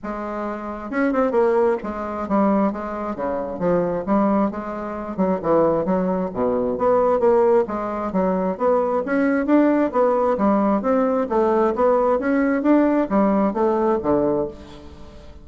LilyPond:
\new Staff \with { instrumentName = "bassoon" } { \time 4/4 \tempo 4 = 133 gis2 cis'8 c'8 ais4 | gis4 g4 gis4 cis4 | f4 g4 gis4. fis8 | e4 fis4 b,4 b4 |
ais4 gis4 fis4 b4 | cis'4 d'4 b4 g4 | c'4 a4 b4 cis'4 | d'4 g4 a4 d4 | }